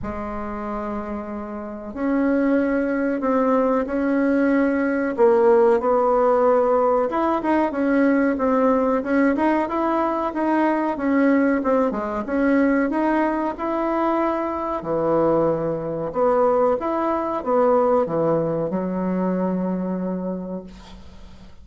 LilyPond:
\new Staff \with { instrumentName = "bassoon" } { \time 4/4 \tempo 4 = 93 gis2. cis'4~ | cis'4 c'4 cis'2 | ais4 b2 e'8 dis'8 | cis'4 c'4 cis'8 dis'8 e'4 |
dis'4 cis'4 c'8 gis8 cis'4 | dis'4 e'2 e4~ | e4 b4 e'4 b4 | e4 fis2. | }